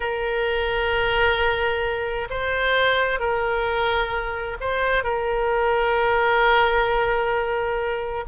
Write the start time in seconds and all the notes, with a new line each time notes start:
0.00 A#4
2.29 C5
3.19 A#4
4.60 C5
5.03 A#4